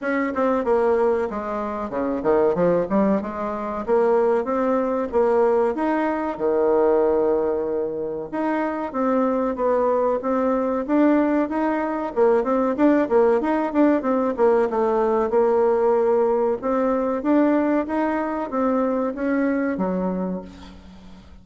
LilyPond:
\new Staff \with { instrumentName = "bassoon" } { \time 4/4 \tempo 4 = 94 cis'8 c'8 ais4 gis4 cis8 dis8 | f8 g8 gis4 ais4 c'4 | ais4 dis'4 dis2~ | dis4 dis'4 c'4 b4 |
c'4 d'4 dis'4 ais8 c'8 | d'8 ais8 dis'8 d'8 c'8 ais8 a4 | ais2 c'4 d'4 | dis'4 c'4 cis'4 fis4 | }